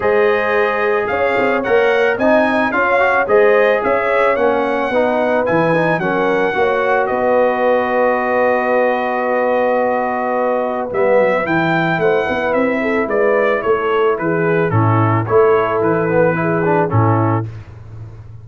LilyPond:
<<
  \new Staff \with { instrumentName = "trumpet" } { \time 4/4 \tempo 4 = 110 dis''2 f''4 fis''4 | gis''4 f''4 dis''4 e''4 | fis''2 gis''4 fis''4~ | fis''4 dis''2.~ |
dis''1 | e''4 g''4 fis''4 e''4 | d''4 cis''4 b'4 a'4 | cis''4 b'2 a'4 | }
  \new Staff \with { instrumentName = "horn" } { \time 4/4 c''2 cis''2 | dis''4 cis''4 c''4 cis''4~ | cis''4 b'2 ais'4 | cis''4 b'2.~ |
b'1~ | b'2 c''8 b'4 a'8 | b'4 a'4 gis'4 e'4 | a'2 gis'4 e'4 | }
  \new Staff \with { instrumentName = "trombone" } { \time 4/4 gis'2. ais'4 | dis'4 f'8 fis'8 gis'2 | cis'4 dis'4 e'8 dis'8 cis'4 | fis'1~ |
fis'1 | b4 e'2.~ | e'2. cis'4 | e'4. b8 e'8 d'8 cis'4 | }
  \new Staff \with { instrumentName = "tuba" } { \time 4/4 gis2 cis'8 c'8 ais4 | c'4 cis'4 gis4 cis'4 | ais4 b4 e4 fis4 | ais4 b2.~ |
b1 | g8 fis8 e4 a8 b8 c'4 | gis4 a4 e4 a,4 | a4 e2 a,4 | }
>>